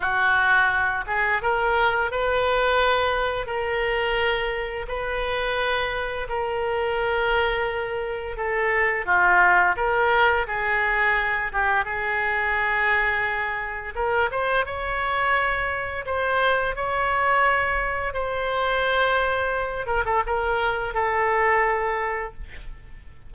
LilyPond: \new Staff \with { instrumentName = "oboe" } { \time 4/4 \tempo 4 = 86 fis'4. gis'8 ais'4 b'4~ | b'4 ais'2 b'4~ | b'4 ais'2. | a'4 f'4 ais'4 gis'4~ |
gis'8 g'8 gis'2. | ais'8 c''8 cis''2 c''4 | cis''2 c''2~ | c''8 ais'16 a'16 ais'4 a'2 | }